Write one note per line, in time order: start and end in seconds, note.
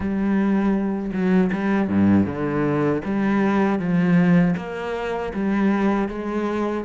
0.00 1.12 G3
1.13 1.51 F#3
1.52 1.87 G3
1.87 2.25 G2
2.26 3.02 D3
3.04 3.79 G3
3.79 4.55 F3
4.56 5.32 A#3
5.33 6.08 G3
6.08 6.84 G#3